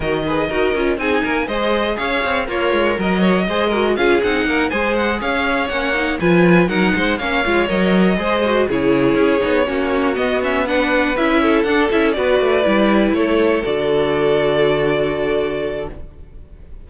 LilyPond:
<<
  \new Staff \with { instrumentName = "violin" } { \time 4/4 \tempo 4 = 121 dis''2 gis''4 dis''4 | f''4 cis''4 dis''2 | f''8 fis''4 gis''8 fis''8 f''4 fis''8~ | fis''8 gis''4 fis''4 f''4 dis''8~ |
dis''4. cis''2~ cis''8~ | cis''8 dis''8 e''8 fis''4 e''4 fis''8 | e''8 d''2 cis''4 d''8~ | d''1 | }
  \new Staff \with { instrumentName = "violin" } { \time 4/4 ais'8 b'8 ais'4 gis'8 ais'8 c''4 | cis''4 f'4 ais'8 cis''8 c''8 ais'8 | gis'4 ais'8 c''4 cis''4.~ | cis''8 b'4 ais'8 c''8 cis''4.~ |
cis''8 c''4 gis'2 fis'8~ | fis'4. b'4. a'4~ | a'8 b'2 a'4.~ | a'1 | }
  \new Staff \with { instrumentName = "viola" } { \time 4/4 fis'8 gis'8 fis'8 f'8 dis'4 gis'4~ | gis'4 ais'2 gis'8 fis'8 | f'8 dis'4 gis'2 cis'8 | dis'8 f'4 dis'4 cis'8 f'8 ais'8~ |
ais'8 gis'8 fis'8 e'4. dis'8 cis'8~ | cis'8 b8 cis'8 d'4 e'4 d'8 | e'8 fis'4 e'2 fis'8~ | fis'1 | }
  \new Staff \with { instrumentName = "cello" } { \time 4/4 dis4 dis'8 cis'8 c'8 ais8 gis4 | cis'8 c'8 ais8 gis8 fis4 gis4 | cis'8 c'8 ais8 gis4 cis'4 ais8~ | ais8 f4 fis8 gis8 ais8 gis8 fis8~ |
fis8 gis4 cis4 cis'8 b8 ais8~ | ais8 b2 cis'4 d'8 | cis'8 b8 a8 g4 a4 d8~ | d1 | }
>>